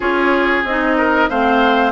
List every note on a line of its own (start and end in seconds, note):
0.00 0.63 C#4
0.00 0.65 F4
0.00 0.96 G#4
0.00 0.65 C#5
0.63 1.28 C4
0.63 1.30 D#4
0.63 1.29 D#5
0.97 1.29 A#4
1.29 1.91 A3
1.29 1.91 C4
1.29 1.91 C5
1.29 1.91 F5